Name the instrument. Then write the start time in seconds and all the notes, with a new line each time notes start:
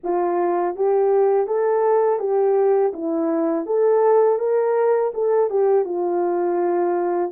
horn
0.03 F4
0.75 G4
1.46 A4
2.19 G4
2.93 E4
3.66 A4
4.39 A#4
5.14 A4
5.49 G4
5.84 F4